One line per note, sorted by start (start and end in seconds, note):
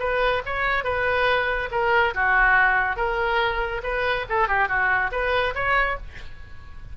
0.00 0.43 B4
0.46 0.84 C#5
0.84 1.69 B4
1.72 2.14 A#4
2.15 2.97 F#4
2.97 3.82 A#4
3.84 4.26 B4
4.30 4.48 A4
4.48 4.69 G4
4.69 5.11 F#4
5.12 5.54 B4
5.55 5.97 C#5